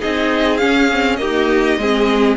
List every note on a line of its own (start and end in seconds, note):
0.00 0.62 C4
0.00 0.60 D#4
0.00 1.19 G#4
0.00 0.58 D#5
0.58 0.90 C#4
0.58 1.22 C#4
0.58 1.16 F5
0.93 1.19 C4
1.16 1.78 A#3
1.16 1.78 D#4
1.16 1.80 G4
1.16 2.35 D#5
1.78 2.37 G#3
1.78 2.37 C4
1.78 2.37 G#4